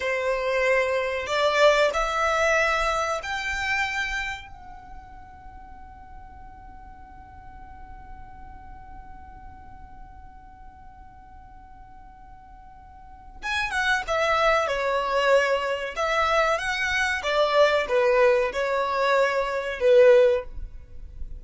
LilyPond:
\new Staff \with { instrumentName = "violin" } { \time 4/4 \tempo 4 = 94 c''2 d''4 e''4~ | e''4 g''2 fis''4~ | fis''1~ | fis''1~ |
fis''1~ | fis''4 gis''8 fis''8 e''4 cis''4~ | cis''4 e''4 fis''4 d''4 | b'4 cis''2 b'4 | }